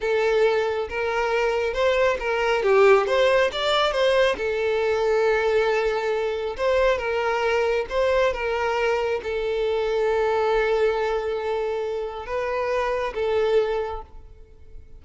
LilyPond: \new Staff \with { instrumentName = "violin" } { \time 4/4 \tempo 4 = 137 a'2 ais'2 | c''4 ais'4 g'4 c''4 | d''4 c''4 a'2~ | a'2. c''4 |
ais'2 c''4 ais'4~ | ais'4 a'2.~ | a'1 | b'2 a'2 | }